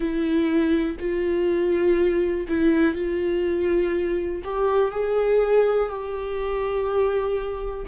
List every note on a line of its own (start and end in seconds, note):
0.00 0.96 E4
0.99 2.47 F4
2.48 2.94 E4
2.94 4.42 F4
4.44 4.91 G4
4.91 5.89 G#4
5.89 7.86 G4